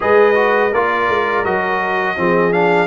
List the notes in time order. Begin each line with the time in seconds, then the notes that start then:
0.00 G#3 G#4 B4 D#5
0.34 F#4
0.72 A#3 F4 A#4 D5
1.09 G#3
1.44 F#3 F#4 D#5
2.16 F3 C4 G#4
2.52 D4 F5